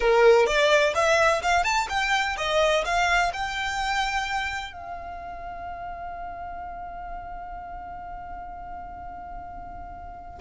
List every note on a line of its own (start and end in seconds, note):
0.00 0.46 A#4
0.46 0.93 D5
0.94 1.42 E5
1.42 1.64 F5
1.64 1.87 A5
1.89 2.36 G5
2.37 2.84 D#5
2.84 3.32 F5
3.33 4.72 G5
4.72 10.39 F5